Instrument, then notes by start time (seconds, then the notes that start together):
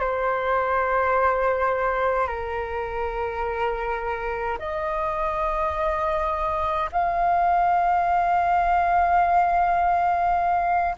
flute
0.00 C5
2.28 A#4
4.59 D#5
6.92 F5